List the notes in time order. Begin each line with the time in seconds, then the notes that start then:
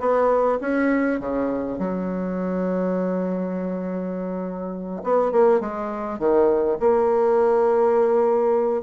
0.00 B3
0.61 C#4
1.20 C#3
1.79 F#3
5.04 B3
5.32 A#3
5.61 G#3
6.19 D#3
6.80 A#3